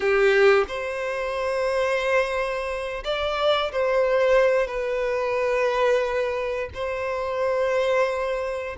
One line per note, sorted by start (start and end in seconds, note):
0.00 0.64 G4
0.67 3.03 C5
3.04 3.71 D5
3.71 4.67 C5
4.67 6.69 B4
6.74 8.76 C5